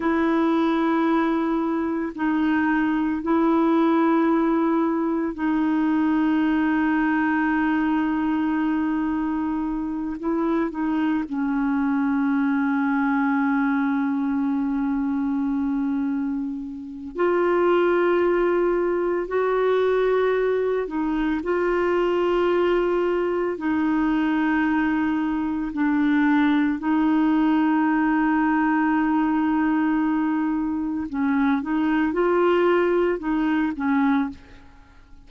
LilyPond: \new Staff \with { instrumentName = "clarinet" } { \time 4/4 \tempo 4 = 56 e'2 dis'4 e'4~ | e'4 dis'2.~ | dis'4. e'8 dis'8 cis'4.~ | cis'1 |
f'2 fis'4. dis'8 | f'2 dis'2 | d'4 dis'2.~ | dis'4 cis'8 dis'8 f'4 dis'8 cis'8 | }